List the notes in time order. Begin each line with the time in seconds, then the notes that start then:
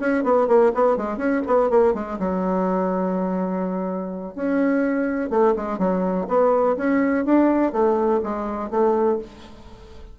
0.00 C#4
0.24 B3
0.48 A#3
0.75 B3
0.97 G#3
1.18 C#4
1.47 B3
1.70 A#3
1.94 G#3
2.19 F#3
4.35 C#4
5.30 A3
5.56 G#3
5.78 F#3
6.28 B3
6.77 C#4
7.25 D4
7.73 A3
8.23 G#3
8.71 A3